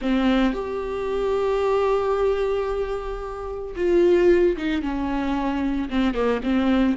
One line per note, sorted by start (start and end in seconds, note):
0.01 0.53 C4
0.53 3.74 G4
3.76 4.56 F4
4.57 4.82 D#4
4.82 5.89 C#4
5.89 6.14 C4
6.14 6.41 A#3
6.43 6.96 C4